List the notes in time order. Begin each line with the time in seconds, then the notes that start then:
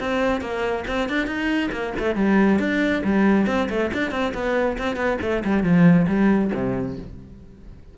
0.00 C4
0.41 A#3
0.87 C4
1.09 D4
1.26 D#4
1.72 A#3
1.99 A3
2.16 G3
2.59 D4
3.04 G3
3.47 C4
3.69 A3
3.94 D4
4.11 C4
4.34 B3
4.78 C4
4.96 B3
5.22 A3
5.45 G3
5.63 F3
6.08 G3
6.54 C3